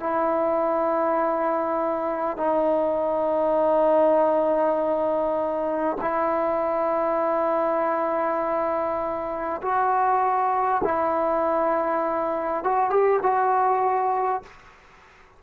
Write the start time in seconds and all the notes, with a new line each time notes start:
0.00 E4
2.37 D#4
6.01 E4
9.62 F#4
10.84 E4
12.64 F#4
12.90 G4
13.23 F#4